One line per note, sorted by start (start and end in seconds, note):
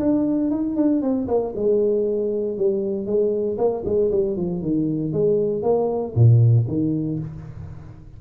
0.00 0.51 D4
0.51 0.76 D#4
0.76 1.02 D4
1.02 1.28 C4
1.28 1.54 A#3
1.56 2.58 G#3
2.58 3.07 G3
3.07 3.58 G#3
3.58 3.84 A#3
3.86 4.11 G#3
4.11 4.37 G3
4.37 4.62 F3
4.62 5.13 D#3
5.13 5.63 G#3
5.63 6.14 A#3
6.16 6.67 A#2
6.68 7.19 D#3